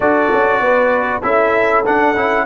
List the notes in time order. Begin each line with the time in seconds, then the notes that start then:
0.00 D4 F#4 A4 D5
0.32 C#4
0.60 B3 B4
1.22 C#4 E4 A4 E5
1.85 D4 F#5
2.15 C#4 E4